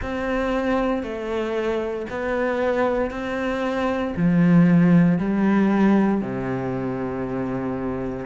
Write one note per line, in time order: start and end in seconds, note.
0.02 1.03 C4
1.03 2.06 A3
2.09 3.10 B3
3.10 4.14 C4
4.16 5.18 F3
5.18 6.21 G3
6.21 8.25 C3